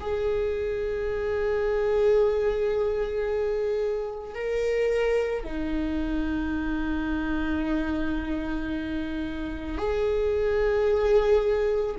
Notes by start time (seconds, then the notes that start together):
0.00 G#4
4.34 A#4
5.43 D#4
9.77 G#4